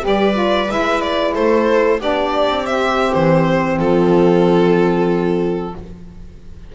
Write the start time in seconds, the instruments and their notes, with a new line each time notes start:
0.00 double bass G3, saxophone G4, viola B4
0.07 violin D5
0.33 saxophone F4
0.68 double bass G#3, saxophone E4, violin E5
1.01 violin D5
1.34 double bass A3, viola A4, violin C5
1.99 double bass B3, saxophone D4, viola G4, violin D5
2.46 double bass C4
2.64 saxophone C4, violin E5
3.13 double bass E3, violin C5
3.79 double bass F3, viola F4, violin A4